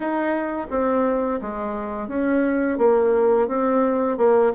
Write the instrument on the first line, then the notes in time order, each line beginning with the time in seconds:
bassoon
0.00 D#4
0.70 C4
1.41 G#3
2.08 C#4
2.78 A#3
3.48 C4
4.17 A#3